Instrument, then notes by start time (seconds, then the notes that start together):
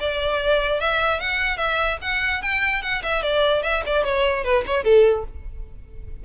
violin
0.00 D5
0.80 E5
1.20 F#5
1.57 E5
2.02 F#5
2.42 G5
2.82 F#5
3.03 E5
3.22 D5
3.63 E5
3.86 D5
4.04 C#5
4.44 B4
4.66 C#5
4.84 A4